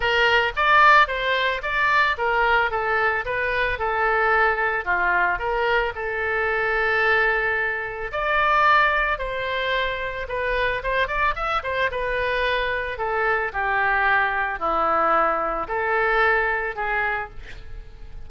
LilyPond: \new Staff \with { instrumentName = "oboe" } { \time 4/4 \tempo 4 = 111 ais'4 d''4 c''4 d''4 | ais'4 a'4 b'4 a'4~ | a'4 f'4 ais'4 a'4~ | a'2. d''4~ |
d''4 c''2 b'4 | c''8 d''8 e''8 c''8 b'2 | a'4 g'2 e'4~ | e'4 a'2 gis'4 | }